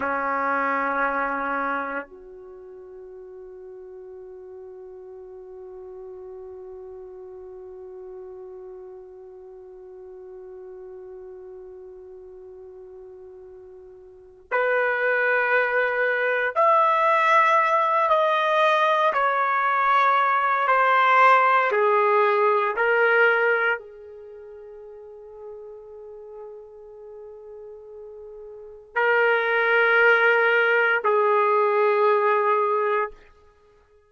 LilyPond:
\new Staff \with { instrumentName = "trumpet" } { \time 4/4 \tempo 4 = 58 cis'2 fis'2~ | fis'1~ | fis'1~ | fis'2 b'2 |
e''4. dis''4 cis''4. | c''4 gis'4 ais'4 gis'4~ | gis'1 | ais'2 gis'2 | }